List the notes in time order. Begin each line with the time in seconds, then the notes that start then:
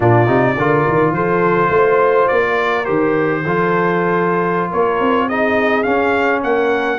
0.00 A#2 D4 F4 D5
0.27 C3 D#4
0.56 D3 F4 A#4
0.87 D#3
1.11 F3 A4 C5
1.69 A3 C5
2.28 A#3 D5
2.42 A#4
2.84 D#3 G4 C5
3.42 F3 F4 A4
4.70 A#3 A#4 C#5
4.99 C4
5.27 D#4 G#4 D#5
5.83 C#4 F5
6.42 A#3 A#4 F#5